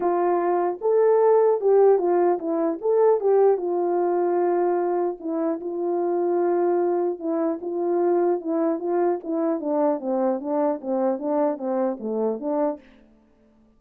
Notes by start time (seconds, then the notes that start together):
0.00 F4
0.81 A4
1.60 G4
1.98 F4
2.38 E4
2.81 A4
3.20 G4
3.57 F4
5.20 E4
5.60 F4
7.19 E4
7.61 F4
8.41 E4
8.79 F4
9.23 E4
9.59 D4
10.00 C4
10.39 D4
10.81 C4
11.18 D4
11.57 C4
11.99 A3
12.39 D4